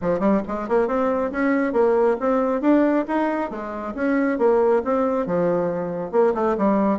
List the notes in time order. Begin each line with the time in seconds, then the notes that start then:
0.01 F3
0.19 G3
0.47 G#3
0.68 A#3
0.87 C4
1.31 C#4
1.72 A#3
2.20 C4
2.61 D4
3.07 D#4
3.50 G#3
3.94 C#4
4.38 A#3
4.84 C4
5.26 F3
6.11 A#3
6.34 A3
6.57 G3